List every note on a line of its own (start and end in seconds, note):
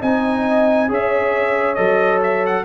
0.00 0.90 C4
0.00 0.88 D#4
0.00 0.88 D#5
0.00 0.90 G#5
0.88 1.78 C#4
0.88 1.76 G#4
0.88 2.64 C#5
0.88 1.74 E5
1.74 2.64 F#3
1.74 2.64 A4
1.74 2.19 D#5
2.23 2.45 E5
2.46 2.64 F#5